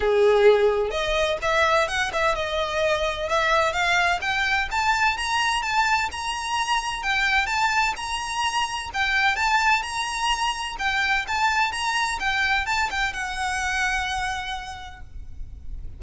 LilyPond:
\new Staff \with { instrumentName = "violin" } { \time 4/4 \tempo 4 = 128 gis'2 dis''4 e''4 | fis''8 e''8 dis''2 e''4 | f''4 g''4 a''4 ais''4 | a''4 ais''2 g''4 |
a''4 ais''2 g''4 | a''4 ais''2 g''4 | a''4 ais''4 g''4 a''8 g''8 | fis''1 | }